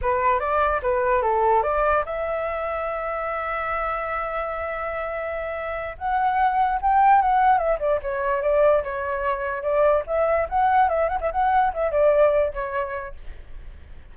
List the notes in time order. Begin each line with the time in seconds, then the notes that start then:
0.01 B4
0.39 D5
0.82 B4
1.21 A4
1.63 D5
2.05 E5
5.97 F#5
6.81 G5
7.21 F#5
7.57 E5
7.79 D5
8.02 C#5
8.42 D5
8.83 C#5
9.62 D5
10.06 E5
10.49 F#5
10.88 E5
11.08 F#5
11.20 E5
11.31 F#5
11.73 E5
11.91 D5
12.53 C#5